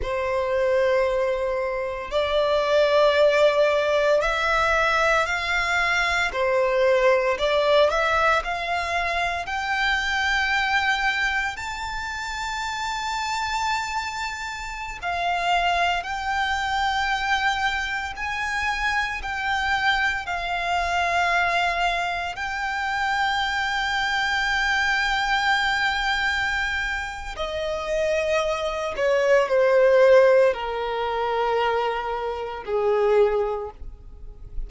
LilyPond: \new Staff \with { instrumentName = "violin" } { \time 4/4 \tempo 4 = 57 c''2 d''2 | e''4 f''4 c''4 d''8 e''8 | f''4 g''2 a''4~ | a''2~ a''16 f''4 g''8.~ |
g''4~ g''16 gis''4 g''4 f''8.~ | f''4~ f''16 g''2~ g''8.~ | g''2 dis''4. cis''8 | c''4 ais'2 gis'4 | }